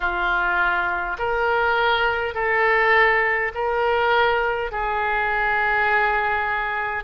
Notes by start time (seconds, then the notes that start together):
0.00 F4
1.18 A#4
2.34 A4
3.54 A#4
4.71 G#4